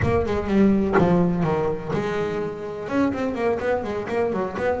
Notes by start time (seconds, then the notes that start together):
0.02 A#3
0.26 G#3
0.47 G3
0.98 F3
1.43 D#3
1.93 G#3
2.88 C#4
3.12 C4
3.34 A#3
3.59 B3
3.83 G#3
4.08 A#3
4.32 F#3
4.57 B3